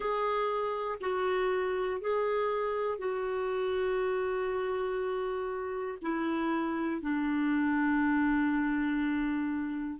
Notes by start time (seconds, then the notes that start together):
0.00 G#4
1.00 F#4
2.00 G#4
2.98 F#4
6.02 E4
7.01 D4